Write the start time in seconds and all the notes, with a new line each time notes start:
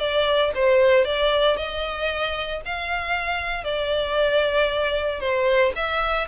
0.00 D5
0.55 C5
1.05 D5
1.57 D#5
2.66 F5
3.65 D5
5.21 C5
5.76 E5